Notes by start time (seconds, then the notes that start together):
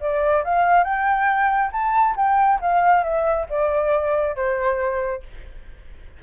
0.00 D5
0.44 F5
0.84 G5
1.72 A5
2.16 G5
2.61 F5
3.03 E5
3.49 D5
4.36 C5